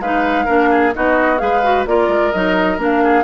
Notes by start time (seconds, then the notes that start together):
0.00 G#3 D#4 B4 F5
0.46 A#3 D4 A#4
0.71 G#4
0.94 B3 D#4 F#4 D#5
1.38 G#3 G#4 B4 F5
1.64 F#4
1.86 A#3 F4 A#4 D5
2.09 G#3
2.32 F#3 D#4 D#5
2.78 A#3 D4
2.84 F5
3.04 G#4